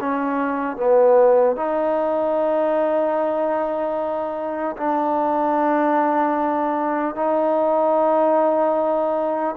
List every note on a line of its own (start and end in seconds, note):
0.00 0.76 C#4
0.76 1.56 B3
1.56 4.76 D#4
4.77 7.15 D4
7.15 9.55 D#4